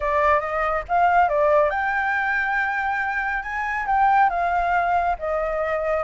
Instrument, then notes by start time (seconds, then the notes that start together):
flute
0.00 D5
0.40 D#5
0.88 F5
1.28 D5
1.70 G5
3.43 G#5
3.86 G5
4.29 F5
5.18 D#5